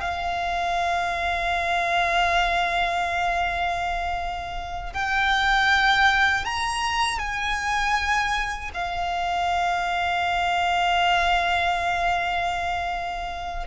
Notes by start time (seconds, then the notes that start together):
0.00 F5
4.93 G5
6.45 A#5
7.18 G#5
8.74 F5